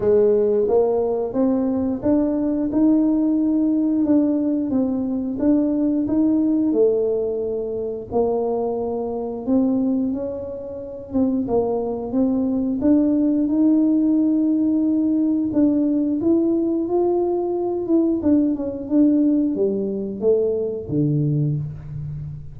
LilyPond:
\new Staff \with { instrumentName = "tuba" } { \time 4/4 \tempo 4 = 89 gis4 ais4 c'4 d'4 | dis'2 d'4 c'4 | d'4 dis'4 a2 | ais2 c'4 cis'4~ |
cis'8 c'8 ais4 c'4 d'4 | dis'2. d'4 | e'4 f'4. e'8 d'8 cis'8 | d'4 g4 a4 d4 | }